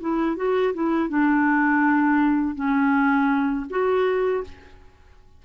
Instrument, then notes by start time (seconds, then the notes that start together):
clarinet
0.00 E4
0.36 F#4
0.73 E4
1.08 D4
2.55 C#4
3.69 F#4